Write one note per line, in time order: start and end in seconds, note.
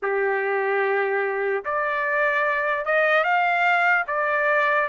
0.02 1.64 G4
1.64 2.85 D5
2.85 3.24 D#5
3.24 4.05 F5
4.07 4.88 D5